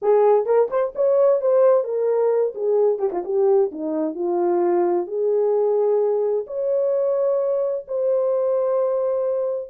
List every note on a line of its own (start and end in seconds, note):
0.01 0.45 G#4
0.45 0.68 A#4
0.70 0.93 C5
0.95 1.41 C#5
1.41 1.84 C5
1.84 2.53 A#4
2.54 2.98 G#4
2.98 3.10 G4
3.12 3.23 F4
3.24 3.70 G4
3.71 4.14 D#4
4.14 5.06 F4
5.06 6.45 G#4
6.46 7.85 C#5
7.87 9.69 C5